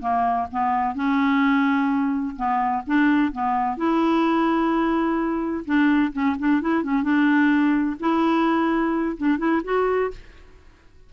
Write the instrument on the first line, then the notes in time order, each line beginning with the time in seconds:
clarinet
0.00 A#3
0.51 B3
0.95 C#4
2.36 B3
2.86 D4
3.32 B3
3.77 E4
5.65 D4
6.12 C#4
6.38 D4
6.61 E4
6.83 C#4
7.03 D4
8.00 E4
9.17 D4
9.38 E4
9.63 F#4